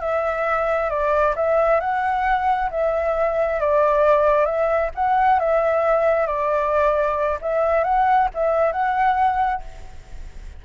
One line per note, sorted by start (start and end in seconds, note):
0.00 0.90 E5
0.90 1.35 D5
1.36 1.80 E5
1.80 2.70 F#5
2.70 3.60 E5
3.60 4.45 D5
4.45 4.90 E5
4.95 5.39 F#5
5.39 6.26 E5
6.26 7.38 D5
7.41 7.84 E5
7.84 8.29 F#5
8.34 8.72 E5
8.72 9.61 F#5